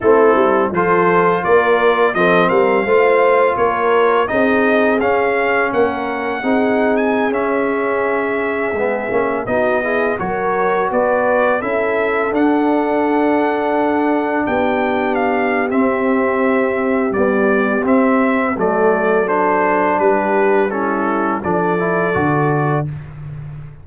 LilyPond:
<<
  \new Staff \with { instrumentName = "trumpet" } { \time 4/4 \tempo 4 = 84 a'4 c''4 d''4 dis''8 f''8~ | f''4 cis''4 dis''4 f''4 | fis''4.~ fis''16 gis''8 e''4.~ e''16~ | e''4~ e''16 dis''4 cis''4 d''8.~ |
d''16 e''4 fis''2~ fis''8.~ | fis''16 g''4 f''8. e''2 | d''4 e''4 d''4 c''4 | b'4 a'4 d''2 | }
  \new Staff \with { instrumentName = "horn" } { \time 4/4 e'4 a'4 ais'4 a'8 ais'8 | c''4 ais'4 gis'2 | ais'4 gis'2.~ | gis'4~ gis'16 fis'8 gis'8 ais'4 b'8.~ |
b'16 a'2.~ a'8.~ | a'16 g'2.~ g'8.~ | g'2 a'2 | g'4 e'4 a'2 | }
  \new Staff \with { instrumentName = "trombone" } { \time 4/4 c'4 f'2 c'4 | f'2 dis'4 cis'4~ | cis'4 dis'4~ dis'16 cis'4.~ cis'16~ | cis'16 b8 cis'8 dis'8 e'8 fis'4.~ fis'16~ |
fis'16 e'4 d'2~ d'8.~ | d'2 c'2 | g4 c'4 a4 d'4~ | d'4 cis'4 d'8 e'8 fis'4 | }
  \new Staff \with { instrumentName = "tuba" } { \time 4/4 a8 g8 f4 ais4 f8 g8 | a4 ais4 c'4 cis'4 | ais4 c'4~ c'16 cis'4.~ cis'16~ | cis'16 gis8 ais8 b4 fis4 b8.~ |
b16 cis'4 d'2~ d'8.~ | d'16 b4.~ b16 c'2 | b4 c'4 fis2 | g2 f4 d4 | }
>>